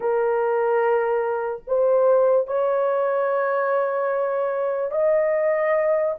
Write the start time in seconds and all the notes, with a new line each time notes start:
0.00 A#4
1.67 C5
2.47 C#5
4.91 D#5